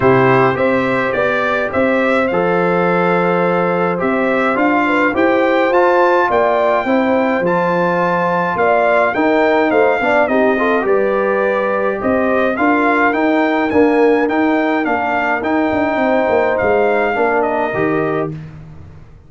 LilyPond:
<<
  \new Staff \with { instrumentName = "trumpet" } { \time 4/4 \tempo 4 = 105 c''4 e''4 d''4 e''4 | f''2. e''4 | f''4 g''4 a''4 g''4~ | g''4 a''2 f''4 |
g''4 f''4 dis''4 d''4~ | d''4 dis''4 f''4 g''4 | gis''4 g''4 f''4 g''4~ | g''4 f''4. dis''4. | }
  \new Staff \with { instrumentName = "horn" } { \time 4/4 g'4 c''4 d''4 c''4~ | c''1~ | c''8 b'8 c''2 d''4 | c''2. d''4 |
ais'4 c''8 d''8 g'8 a'8 b'4~ | b'4 c''4 ais'2~ | ais'1 | c''2 ais'2 | }
  \new Staff \with { instrumentName = "trombone" } { \time 4/4 e'4 g'2. | a'2. g'4 | f'4 g'4 f'2 | e'4 f'2. |
dis'4. d'8 dis'8 f'8 g'4~ | g'2 f'4 dis'4 | ais4 dis'4 d'4 dis'4~ | dis'2 d'4 g'4 | }
  \new Staff \with { instrumentName = "tuba" } { \time 4/4 c4 c'4 b4 c'4 | f2. c'4 | d'4 e'4 f'4 ais4 | c'4 f2 ais4 |
dis'4 a8 b8 c'4 g4~ | g4 c'4 d'4 dis'4 | d'4 dis'4 ais4 dis'8 d'8 | c'8 ais8 gis4 ais4 dis4 | }
>>